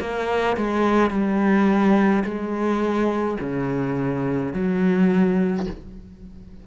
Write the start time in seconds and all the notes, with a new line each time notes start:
0.00 A#3
0.57 G#3
1.11 G3
2.24 G#3
3.40 C#3
4.53 F#3